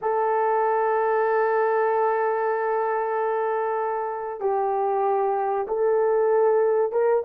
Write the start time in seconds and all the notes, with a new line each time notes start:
0.01 A4
4.40 G4
5.67 A4
6.92 A#4